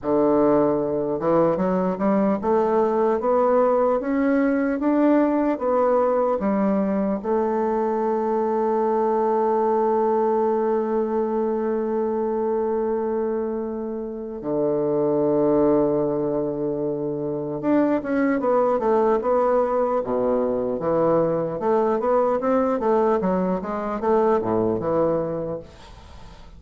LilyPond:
\new Staff \with { instrumentName = "bassoon" } { \time 4/4 \tempo 4 = 75 d4. e8 fis8 g8 a4 | b4 cis'4 d'4 b4 | g4 a2.~ | a1~ |
a2 d2~ | d2 d'8 cis'8 b8 a8 | b4 b,4 e4 a8 b8 | c'8 a8 fis8 gis8 a8 a,8 e4 | }